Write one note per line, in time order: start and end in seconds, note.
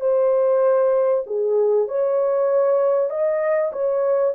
0.00 1.24 C5
1.26 1.88 G#4
1.88 3.10 C#5
3.10 3.71 D#5
3.72 4.34 C#5